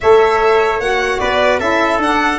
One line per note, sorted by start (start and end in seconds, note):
0.01 0.79 A3
0.01 0.81 A4
0.01 1.20 C#5
0.01 0.80 E5
0.79 1.19 A#3
0.79 1.59 F#4
0.79 1.19 F#5
1.19 1.60 B3
1.19 1.59 B4
1.19 1.59 D5
1.59 1.97 C#4
1.59 1.99 E4
1.59 2.39 A4
1.59 1.99 E5
1.97 2.37 D4
1.97 2.39 D4
1.97 2.39 F#5